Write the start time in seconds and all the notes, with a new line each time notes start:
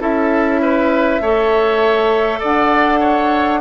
0.00 C#4 E4 A4 E5
0.62 B4
1.21 A3 A4 C#5
2.40 D4 D5 F#5
3.00 C#5